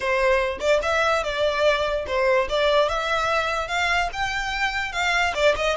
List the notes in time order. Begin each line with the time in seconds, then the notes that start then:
0.00 C5
0.60 D5
0.82 E5
1.23 D5
2.07 C5
2.49 D5
2.88 E5
3.68 F5
4.12 G5
4.92 F5
5.34 D5
5.56 D#5